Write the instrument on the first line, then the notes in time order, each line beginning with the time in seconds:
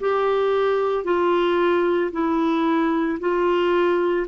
clarinet
0.00 G4
1.04 F4
2.11 E4
3.19 F4